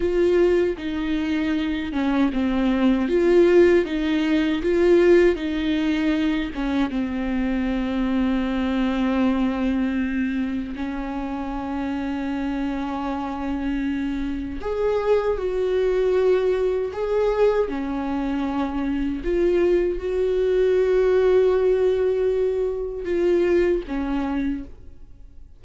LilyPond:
\new Staff \with { instrumentName = "viola" } { \time 4/4 \tempo 4 = 78 f'4 dis'4. cis'8 c'4 | f'4 dis'4 f'4 dis'4~ | dis'8 cis'8 c'2.~ | c'2 cis'2~ |
cis'2. gis'4 | fis'2 gis'4 cis'4~ | cis'4 f'4 fis'2~ | fis'2 f'4 cis'4 | }